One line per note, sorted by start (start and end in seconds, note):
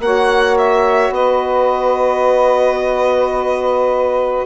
0.00 1.10 A#3
0.00 4.46 F#4
0.00 1.14 C#5
0.00 0.58 F#5
0.58 1.14 E5
1.10 4.43 B3
1.10 4.46 B4
1.10 4.46 D#5